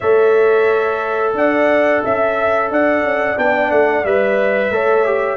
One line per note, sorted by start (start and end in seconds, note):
0.00 1.34 A3
0.00 3.37 A4
0.00 1.35 C#5
0.00 1.33 E5
1.34 2.01 D4
1.34 2.04 D5
1.34 2.04 F#5
2.04 2.70 C#4
2.04 2.71 E5
2.04 2.72 E5
2.70 3.03 D4
2.70 4.72 D5
2.70 3.38 F#5
3.03 3.36 C#4
3.37 3.70 B3
3.37 4.04 D4
3.37 3.71 G5
3.70 4.04 A3
3.70 4.04 F#5
4.04 4.70 G3
4.04 4.72 B4
4.04 5.37 E5
4.70 5.37 A3
4.70 5.05 A4
4.70 5.37 C#5
5.05 5.37 G4